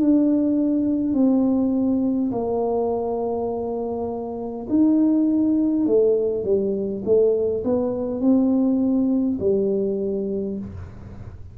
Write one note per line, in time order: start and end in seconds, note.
0.00 1.13 D4
1.13 2.31 C4
2.32 4.67 A#3
4.70 5.87 D#4
5.87 6.44 A3
6.44 7.03 G3
7.05 7.64 A3
7.64 8.21 B3
8.21 9.39 C4
9.40 10.58 G3